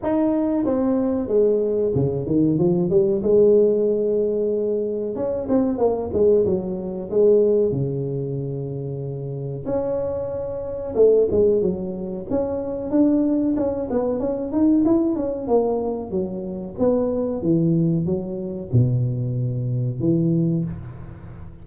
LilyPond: \new Staff \with { instrumentName = "tuba" } { \time 4/4 \tempo 4 = 93 dis'4 c'4 gis4 cis8 dis8 | f8 g8 gis2. | cis'8 c'8 ais8 gis8 fis4 gis4 | cis2. cis'4~ |
cis'4 a8 gis8 fis4 cis'4 | d'4 cis'8 b8 cis'8 dis'8 e'8 cis'8 | ais4 fis4 b4 e4 | fis4 b,2 e4 | }